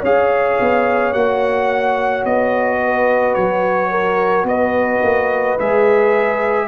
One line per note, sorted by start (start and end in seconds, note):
0.00 0.59 C#4
0.00 1.14 G#4
0.00 2.78 C#5
0.00 1.13 F5
0.60 1.13 B3
1.13 2.24 A#3
1.13 5.58 F#4
1.13 2.24 F#5
2.25 3.36 B3
2.25 3.34 D#5
2.84 3.91 B4
3.34 4.44 F#3
3.34 4.46 C#5
3.91 4.46 A#4
4.44 4.99 B3
4.44 6.67 B4
4.44 5.59 D#5
5.03 5.58 A#3
5.59 6.67 G#3
5.59 6.67 G#4
5.59 6.67 E5